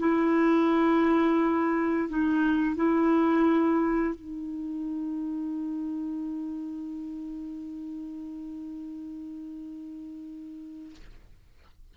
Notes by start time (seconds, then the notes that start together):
0.00 E4
2.09 D#4
2.76 E4
4.15 D#4